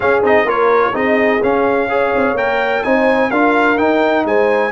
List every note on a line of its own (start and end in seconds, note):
0.00 0.23 C#4
0.00 0.46 G#4
0.00 0.23 F5
0.23 0.44 C4
0.23 0.46 D#4
0.23 0.49 D#5
0.44 0.91 A#3
0.44 0.93 F4
0.44 0.93 A#4
0.44 0.95 C#5
0.93 1.41 C4
0.93 1.40 D#4
0.93 1.89 G#4
0.93 1.42 D#5
1.42 2.13 C#4
1.42 1.89 C#4
1.42 2.37 F5
1.89 2.36 G#4
1.89 2.84 C#5
2.14 2.33 C4
2.33 2.81 A#3
2.33 2.84 A#4
2.33 2.83 G5
2.83 3.31 C4
2.83 3.31 D#4
2.83 3.30 C5
2.83 3.30 G#5
3.30 3.77 D4
3.30 3.77 F4
3.30 4.25 A#4
3.30 3.77 F5
3.77 4.71 D#4
3.77 4.24 D#4
3.77 4.25 G5
4.24 4.71 G#3
4.24 4.71 C5
4.24 4.71 G#5